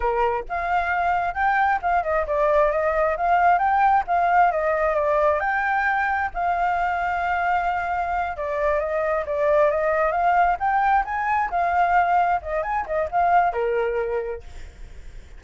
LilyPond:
\new Staff \with { instrumentName = "flute" } { \time 4/4 \tempo 4 = 133 ais'4 f''2 g''4 | f''8 dis''8 d''4 dis''4 f''4 | g''4 f''4 dis''4 d''4 | g''2 f''2~ |
f''2~ f''8 d''4 dis''8~ | dis''8 d''4 dis''4 f''4 g''8~ | g''8 gis''4 f''2 dis''8 | gis''8 dis''8 f''4 ais'2 | }